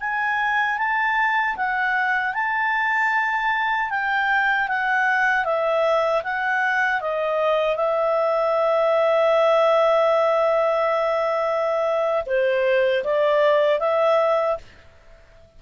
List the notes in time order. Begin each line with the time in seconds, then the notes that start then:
0.00 G#5
0.78 A5
1.56 F#5
2.34 A5
3.90 G5
4.68 F#5
5.44 E5
6.23 F#5
7.00 D#5
7.76 E5
12.26 C5
13.04 D5
13.79 E5